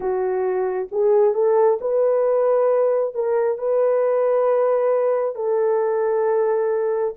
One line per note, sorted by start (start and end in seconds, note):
0.00 0.88 F#4
0.91 1.34 G#4
1.34 1.78 A4
1.81 3.14 B4
3.14 3.57 A#4
3.57 5.35 B4
5.35 7.14 A4